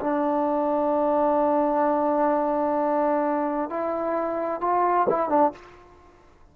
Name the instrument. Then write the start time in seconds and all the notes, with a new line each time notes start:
trombone
0.00 D4
3.69 E4
4.61 F4
5.09 E4
5.29 D4